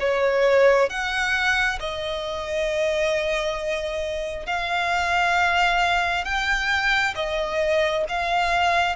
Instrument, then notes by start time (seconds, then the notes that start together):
violin
0.00 C#5
0.90 F#5
1.80 D#5
4.47 F5
6.25 G5
7.15 D#5
8.09 F5